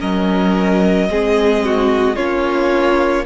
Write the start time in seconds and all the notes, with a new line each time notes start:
0.00 F#3 C#4 A#4 D#5
1.10 G#3 C4 G#4
1.65 F#4
2.16 A#3 C#4 F4 C#5